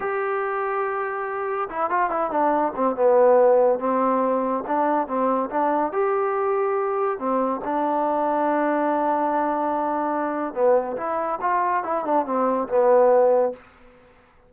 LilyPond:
\new Staff \with { instrumentName = "trombone" } { \time 4/4 \tempo 4 = 142 g'1 | e'8 f'8 e'8 d'4 c'8 b4~ | b4 c'2 d'4 | c'4 d'4 g'2~ |
g'4 c'4 d'2~ | d'1~ | d'4 b4 e'4 f'4 | e'8 d'8 c'4 b2 | }